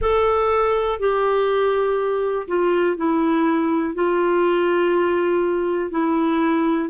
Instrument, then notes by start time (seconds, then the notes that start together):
clarinet
0.00 A4
0.99 G4
2.47 F4
2.96 E4
3.94 F4
5.91 E4